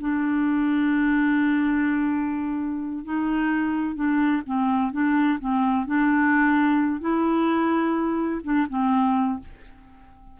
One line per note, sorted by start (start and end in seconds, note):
0.00 3.04 D4
3.04 3.95 D#4
3.95 4.42 D4
4.46 4.92 C4
4.92 5.39 D4
5.39 5.86 C4
5.86 7.00 D4
7.00 8.41 E4
8.43 8.67 D4
8.69 9.39 C4